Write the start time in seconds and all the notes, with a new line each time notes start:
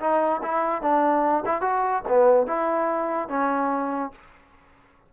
0.00 D#4
0.43 E4
0.82 D4
1.46 E4
1.61 F#4
2.09 B3
2.47 E4
3.29 C#4